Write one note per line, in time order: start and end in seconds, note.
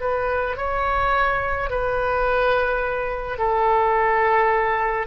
0.00 0.57 B4
0.57 1.70 C#5
1.70 3.38 B4
3.38 5.07 A4